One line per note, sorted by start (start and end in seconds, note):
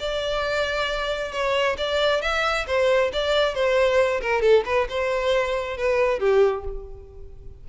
0.00 1.32 D5
1.32 1.77 C#5
1.78 2.22 D5
2.22 2.66 E5
2.67 3.12 C5
3.13 3.55 D5
3.55 4.21 C5
4.21 4.42 A#4
4.42 4.64 A4
4.66 4.88 B4
4.89 5.78 C5
5.78 6.20 B4
6.20 6.64 G4